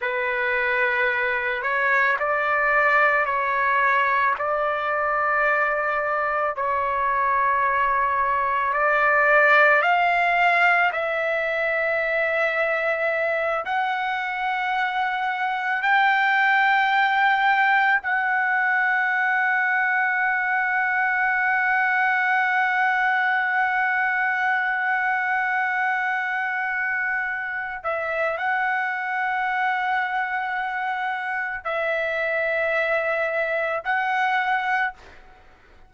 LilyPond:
\new Staff \with { instrumentName = "trumpet" } { \time 4/4 \tempo 4 = 55 b'4. cis''8 d''4 cis''4 | d''2 cis''2 | d''4 f''4 e''2~ | e''8 fis''2 g''4.~ |
g''8 fis''2.~ fis''8~ | fis''1~ | fis''4. e''8 fis''2~ | fis''4 e''2 fis''4 | }